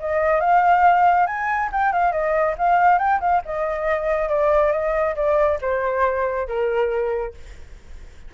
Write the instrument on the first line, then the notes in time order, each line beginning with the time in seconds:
flute
0.00 D#5
0.41 F5
1.27 G#5
1.72 G5
1.93 F5
2.12 D#5
2.58 F5
2.99 G5
3.21 F5
3.46 D#5
4.29 D5
4.72 D#5
5.16 D5
5.62 C5
6.48 A#4